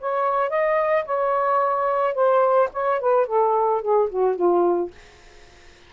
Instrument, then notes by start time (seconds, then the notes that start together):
saxophone
0.00 C#5
0.50 D#5
1.05 C#5
2.14 C5
2.73 C#5
3.00 B4
3.27 A4
3.82 G#4
4.10 F#4
4.36 F4